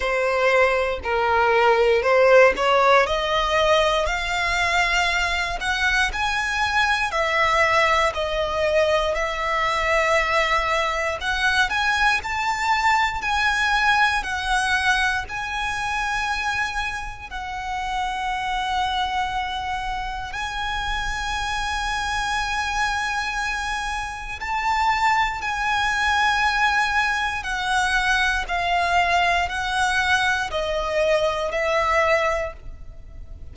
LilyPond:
\new Staff \with { instrumentName = "violin" } { \time 4/4 \tempo 4 = 59 c''4 ais'4 c''8 cis''8 dis''4 | f''4. fis''8 gis''4 e''4 | dis''4 e''2 fis''8 gis''8 | a''4 gis''4 fis''4 gis''4~ |
gis''4 fis''2. | gis''1 | a''4 gis''2 fis''4 | f''4 fis''4 dis''4 e''4 | }